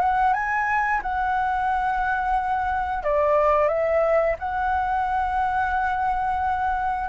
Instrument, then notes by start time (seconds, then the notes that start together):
flute
0.00 F#5
0.34 G#5
1.02 F#5
3.03 D5
3.68 E5
4.39 F#5